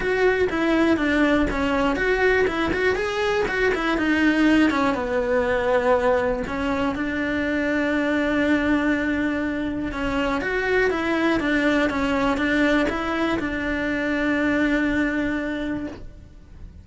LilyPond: \new Staff \with { instrumentName = "cello" } { \time 4/4 \tempo 4 = 121 fis'4 e'4 d'4 cis'4 | fis'4 e'8 fis'8 gis'4 fis'8 e'8 | dis'4. cis'8 b2~ | b4 cis'4 d'2~ |
d'1 | cis'4 fis'4 e'4 d'4 | cis'4 d'4 e'4 d'4~ | d'1 | }